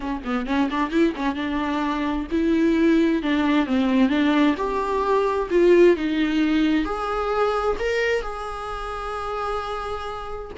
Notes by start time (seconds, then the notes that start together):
0.00 C#4
0.24 B3
0.46 C#4
0.70 D4
0.90 E4
1.16 C#4
1.35 D4
2.31 E4
3.22 D4
3.66 C4
4.09 D4
4.57 G4
5.50 F4
5.96 D#4
6.85 G#4
7.79 A#4
8.22 G#4